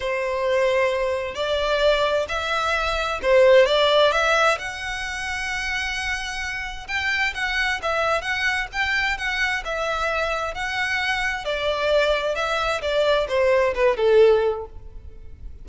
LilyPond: \new Staff \with { instrumentName = "violin" } { \time 4/4 \tempo 4 = 131 c''2. d''4~ | d''4 e''2 c''4 | d''4 e''4 fis''2~ | fis''2. g''4 |
fis''4 e''4 fis''4 g''4 | fis''4 e''2 fis''4~ | fis''4 d''2 e''4 | d''4 c''4 b'8 a'4. | }